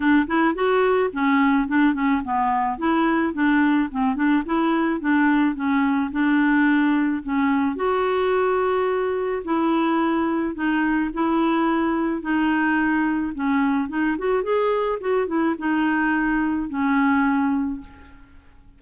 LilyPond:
\new Staff \with { instrumentName = "clarinet" } { \time 4/4 \tempo 4 = 108 d'8 e'8 fis'4 cis'4 d'8 cis'8 | b4 e'4 d'4 c'8 d'8 | e'4 d'4 cis'4 d'4~ | d'4 cis'4 fis'2~ |
fis'4 e'2 dis'4 | e'2 dis'2 | cis'4 dis'8 fis'8 gis'4 fis'8 e'8 | dis'2 cis'2 | }